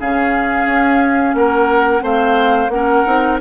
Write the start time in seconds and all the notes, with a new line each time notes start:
0.00 C#3 C#4 G#4 F5
0.66 C#4
1.34 A#3 A#4 F#5
2.01 A3 C4 C5 F5
2.69 A#3 C#4 A#4 F#5
3.06 C4 D#4